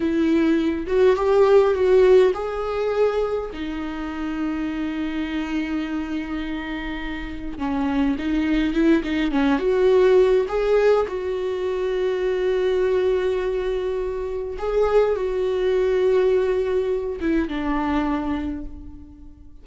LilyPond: \new Staff \with { instrumentName = "viola" } { \time 4/4 \tempo 4 = 103 e'4. fis'8 g'4 fis'4 | gis'2 dis'2~ | dis'1~ | dis'4 cis'4 dis'4 e'8 dis'8 |
cis'8 fis'4. gis'4 fis'4~ | fis'1~ | fis'4 gis'4 fis'2~ | fis'4. e'8 d'2 | }